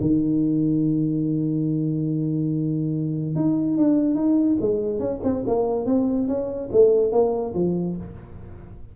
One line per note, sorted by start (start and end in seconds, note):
0.00 3.35 D#3
3.35 3.77 D#4
3.77 4.15 D4
4.15 4.57 D#4
4.60 4.99 G#3
4.99 5.20 C#4
5.23 5.44 C4
5.46 5.85 A#3
5.85 6.27 C4
6.27 6.69 C#4
6.72 7.11 A3
7.11 7.53 A#3
7.54 7.96 F3